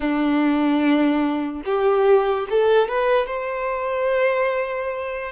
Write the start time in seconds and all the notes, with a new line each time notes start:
0.00 D4
1.65 G4
2.50 A4
2.88 B4
3.26 C5